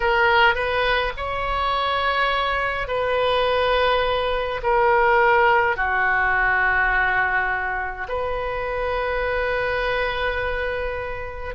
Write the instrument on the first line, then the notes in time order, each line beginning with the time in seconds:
oboe
0.00 A#4
0.55 B4
1.16 C#5
2.87 B4
4.63 A#4
5.76 F#4
8.08 B4